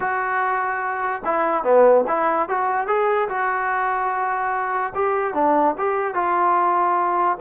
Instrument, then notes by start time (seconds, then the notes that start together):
trombone
0.00 F#4
1.24 E4
1.63 B3
2.07 E4
2.48 F#4
2.87 G#4
3.29 F#4
4.94 G4
5.33 D4
5.78 G4
6.14 F4